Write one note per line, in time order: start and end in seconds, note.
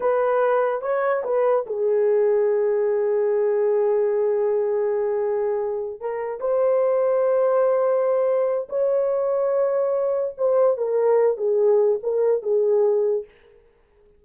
0.00 0.81 B4
0.81 1.23 C#5
1.23 1.65 B4
1.66 6.00 G#4
6.00 6.40 A#4
6.40 8.68 C5
8.69 10.34 C#5
10.37 10.77 C5
10.77 11.37 A#4
11.37 11.99 G#4
12.03 12.42 A#4
12.42 13.25 G#4